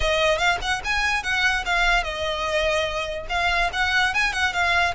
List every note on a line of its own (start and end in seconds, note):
0.00 0.38 D#5
0.38 0.58 F5
0.61 0.82 F#5
0.84 1.23 G#5
1.23 1.64 F#5
1.65 2.03 F5
2.03 3.27 D#5
3.29 3.70 F5
3.72 4.13 F#5
4.13 4.32 G#5
4.32 4.53 F#5
4.53 4.94 F5